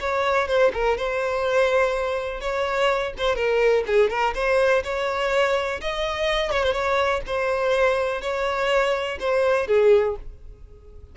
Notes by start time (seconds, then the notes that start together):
0.00 C#5
0.48 C5
0.73 A#4
0.97 C5
2.41 C#5
3.18 C5
3.35 A#4
3.87 G#4
4.10 A#4
4.34 C5
4.84 C#5
5.81 D#5
6.51 C#5
6.64 C5
6.73 C#5
7.27 C5
8.21 C#5
9.20 C5
9.67 G#4